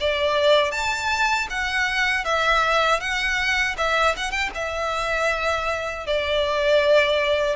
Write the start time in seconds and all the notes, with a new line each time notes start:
0.00 D5
0.71 A5
1.50 F#5
2.25 E5
3.00 F#5
3.77 E5
4.17 F#5
4.31 G5
4.55 E5
6.07 D5